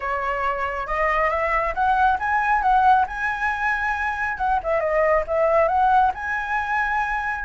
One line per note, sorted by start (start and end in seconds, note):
0.00 0.86 C#5
0.86 1.30 D#5
1.30 1.73 E5
1.74 2.18 F#5
2.19 2.62 G#5
2.62 3.05 F#5
3.07 4.37 G#5
4.37 4.59 F#5
4.63 4.80 E5
4.80 5.23 D#5
5.27 5.67 E5
5.67 6.11 F#5
6.14 7.44 G#5